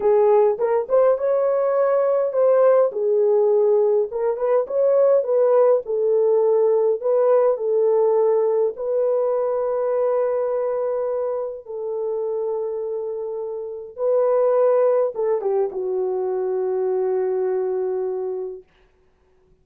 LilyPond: \new Staff \with { instrumentName = "horn" } { \time 4/4 \tempo 4 = 103 gis'4 ais'8 c''8 cis''2 | c''4 gis'2 ais'8 b'8 | cis''4 b'4 a'2 | b'4 a'2 b'4~ |
b'1 | a'1 | b'2 a'8 g'8 fis'4~ | fis'1 | }